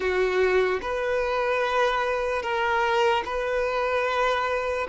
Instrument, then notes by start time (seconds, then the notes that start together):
violin
0.00 F#4
0.81 B4
2.42 A#4
3.25 B4